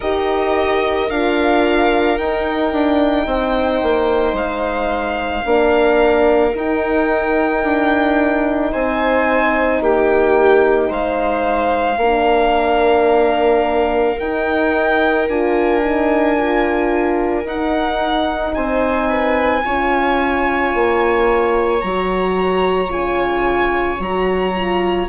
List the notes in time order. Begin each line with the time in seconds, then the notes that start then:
0.00 D#4 G4 A#4 D#5
1.10 D4 F4 F5
2.17 D#4 G5
2.72 D4
3.26 C4 C5
3.82 A#3
4.33 G#3 F5
5.43 A#3 D4 A#4
6.54 D#4 G5
7.63 D4
8.72 C4 C5 G#5
9.80 A#3 G4 G5
10.88 G#3 C5 F5
11.97 A#3 D4 A#4
14.19 D#4 G5
15.28 D4 F4 G#5
15.81 D#4
16.37 F4
17.44 D#4 F#5
18.54 C4 C5 G#5
19.08 B4
19.64 C#4 F4 C#5
20.73 A#3
21.80 F#3 F#4 A#5
22.88 C#3 F4 G#5
23.98 F#3 F#4 A#5
24.55 F4